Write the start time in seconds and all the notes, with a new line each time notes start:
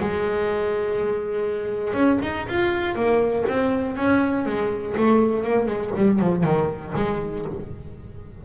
0.00 G#3
1.93 C#4
2.22 D#4
2.48 F4
2.95 A#3
3.48 C4
3.96 C#4
4.46 G#3
4.97 A3
5.43 A#3
5.66 G#3
5.96 G3
6.19 F3
6.43 D#3
6.96 G#3